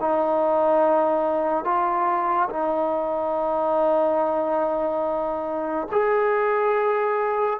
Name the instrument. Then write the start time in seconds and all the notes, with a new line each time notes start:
trombone
0.00 D#4
1.64 F4
2.49 D#4
5.92 G#4